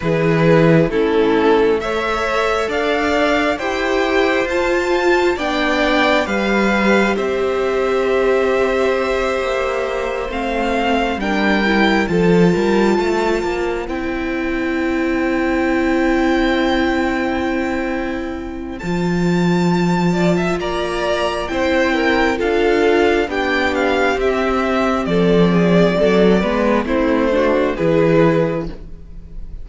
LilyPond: <<
  \new Staff \with { instrumentName = "violin" } { \time 4/4 \tempo 4 = 67 b'4 a'4 e''4 f''4 | g''4 a''4 g''4 f''4 | e''2.~ e''8 f''8~ | f''8 g''4 a''2 g''8~ |
g''1~ | g''4 a''2 ais''4 | g''4 f''4 g''8 f''8 e''4 | d''2 c''4 b'4 | }
  \new Staff \with { instrumentName = "violin" } { \time 4/4 gis'4 e'4 cis''4 d''4 | c''2 d''4 b'4 | c''1~ | c''8 ais'4 a'8 ais'8 c''4.~ |
c''1~ | c''2~ c''8 d''16 e''16 d''4 | c''8 ais'8 a'4 g'2 | a'8 gis'8 a'8 b'8 e'8 fis'8 gis'4 | }
  \new Staff \with { instrumentName = "viola" } { \time 4/4 e'4 cis'4 a'2 | g'4 f'4 d'4 g'4~ | g'2.~ g'8 c'8~ | c'8 d'8 e'8 f'2 e'8~ |
e'1~ | e'4 f'2. | e'4 f'4 d'4 c'4~ | c'4. b8 c'8 d'8 e'4 | }
  \new Staff \with { instrumentName = "cello" } { \time 4/4 e4 a2 d'4 | e'4 f'4 b4 g4 | c'2~ c'8 ais4 a8~ | a8 g4 f8 g8 a8 ais8 c'8~ |
c'1~ | c'4 f2 ais4 | c'4 d'4 b4 c'4 | f4 fis8 gis8 a4 e4 | }
>>